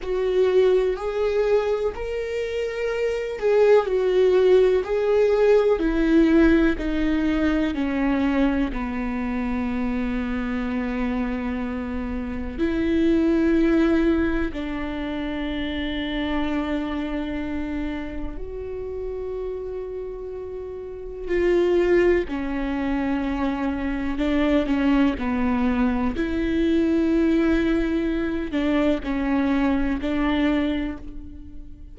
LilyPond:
\new Staff \with { instrumentName = "viola" } { \time 4/4 \tempo 4 = 62 fis'4 gis'4 ais'4. gis'8 | fis'4 gis'4 e'4 dis'4 | cis'4 b2.~ | b4 e'2 d'4~ |
d'2. fis'4~ | fis'2 f'4 cis'4~ | cis'4 d'8 cis'8 b4 e'4~ | e'4. d'8 cis'4 d'4 | }